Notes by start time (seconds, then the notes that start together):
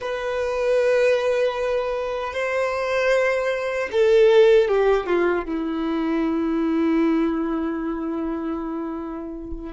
0.00 B4
2.33 C5
3.91 A4
4.68 G4
5.06 F4
5.45 E4